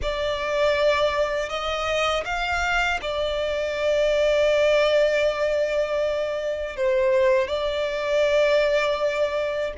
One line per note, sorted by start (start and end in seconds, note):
0.02 1.49 D5
1.49 2.24 D#5
2.25 3.00 F5
3.01 6.76 D5
6.76 7.47 C5
7.47 9.72 D5